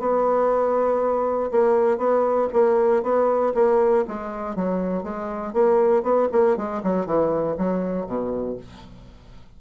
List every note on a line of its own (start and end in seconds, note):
0.00 1.51 B3
1.52 1.98 A#3
1.98 2.48 B3
2.53 3.03 A#3
3.03 3.54 B3
3.55 4.05 A#3
4.08 4.56 G#3
4.56 5.04 F#3
5.04 5.54 G#3
5.54 6.03 A#3
6.03 6.28 B3
6.33 6.57 A#3
6.57 6.83 G#3
6.84 7.06 F#3
7.06 7.57 E3
7.58 8.07 F#3
8.07 8.57 B2